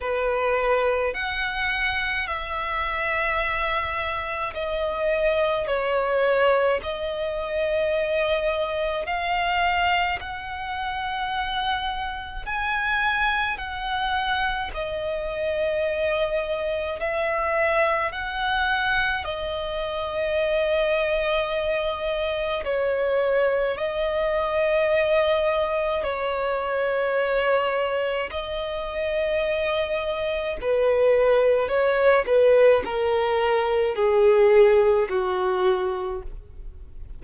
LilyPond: \new Staff \with { instrumentName = "violin" } { \time 4/4 \tempo 4 = 53 b'4 fis''4 e''2 | dis''4 cis''4 dis''2 | f''4 fis''2 gis''4 | fis''4 dis''2 e''4 |
fis''4 dis''2. | cis''4 dis''2 cis''4~ | cis''4 dis''2 b'4 | cis''8 b'8 ais'4 gis'4 fis'4 | }